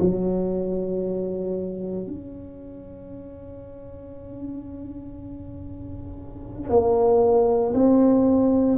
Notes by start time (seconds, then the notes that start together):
0.00 F#3
2.07 C#4
6.70 A#3
7.74 C4